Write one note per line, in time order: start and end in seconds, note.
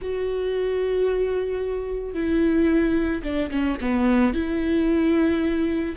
0.01 2.14 F#4
2.14 3.22 E4
3.23 3.50 D4
3.50 3.77 C#4
3.81 4.33 B3
4.33 5.95 E4